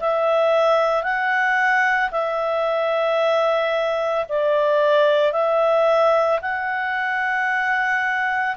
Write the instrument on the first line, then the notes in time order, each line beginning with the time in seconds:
clarinet
0.00 E5
1.03 F#5
2.11 E5
4.29 D5
5.32 E5
6.41 F#5